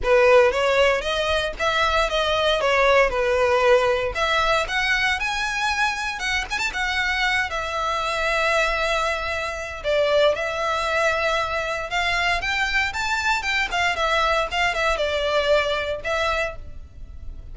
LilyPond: \new Staff \with { instrumentName = "violin" } { \time 4/4 \tempo 4 = 116 b'4 cis''4 dis''4 e''4 | dis''4 cis''4 b'2 | e''4 fis''4 gis''2 | fis''8 gis''16 a''16 fis''4. e''4.~ |
e''2. d''4 | e''2. f''4 | g''4 a''4 g''8 f''8 e''4 | f''8 e''8 d''2 e''4 | }